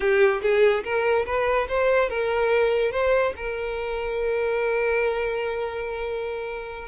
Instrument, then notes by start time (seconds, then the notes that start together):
violin
0.00 G4
0.42 G#4
0.84 A#4
1.26 B4
1.68 C5
2.09 A#4
2.91 C5
3.36 A#4